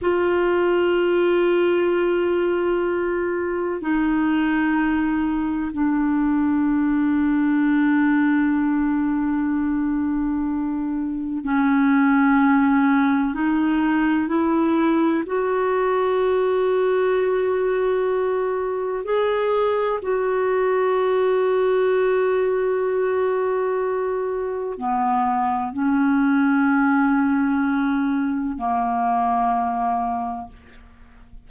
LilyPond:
\new Staff \with { instrumentName = "clarinet" } { \time 4/4 \tempo 4 = 63 f'1 | dis'2 d'2~ | d'1 | cis'2 dis'4 e'4 |
fis'1 | gis'4 fis'2.~ | fis'2 b4 cis'4~ | cis'2 ais2 | }